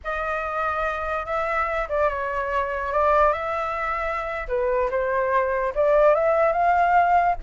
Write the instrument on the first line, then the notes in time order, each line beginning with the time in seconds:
flute
0.04 D#5
1.25 E5
1.88 D5
2.09 C#5
2.92 D5
3.32 E5
4.48 B4
4.90 C5
5.74 D5
6.14 E5
6.52 F5